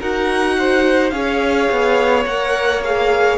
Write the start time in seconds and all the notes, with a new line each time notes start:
0.00 D#4 F#4 A#4 F#5
0.58 C5
1.10 C#4 G#4 C#5 F5
1.71 B3
2.26 A#3 A#4 F#5
2.84 G#4 F5